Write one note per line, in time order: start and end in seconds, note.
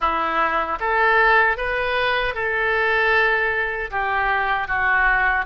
0.00 0.78 E4
0.80 1.57 A4
1.57 2.34 B4
2.34 3.90 A4
3.91 4.67 G4
4.67 5.45 F#4